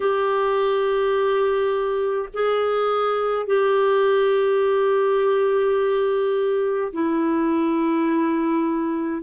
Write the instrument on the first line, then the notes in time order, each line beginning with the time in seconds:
clarinet
0.00 G4
2.33 G#4
3.46 G4
6.92 E4